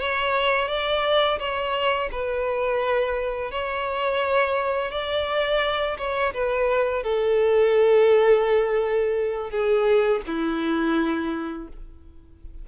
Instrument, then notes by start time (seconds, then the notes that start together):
violin
0.00 C#5
0.68 D5
1.39 C#5
2.12 B4
3.51 C#5
4.92 D5
5.98 C#5
6.34 B4
7.04 A4
9.51 G#4
10.27 E4